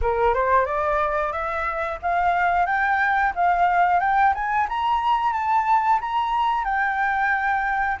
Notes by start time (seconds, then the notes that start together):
0.01 A#4
0.34 C5
0.65 D5
1.32 E5
2.02 F5
2.65 G5
3.35 F5
4.00 G5
4.34 G#5
4.68 A#5
5.32 A5
6.00 A#5
6.64 G5